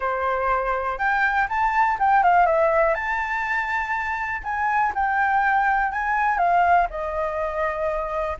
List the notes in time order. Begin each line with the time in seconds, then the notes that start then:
0.00 C5
0.98 G5
1.48 A5
1.99 G5
2.23 F5
2.46 E5
2.94 A5
4.43 G#5
4.94 G5
5.92 G#5
6.38 F5
6.89 D#5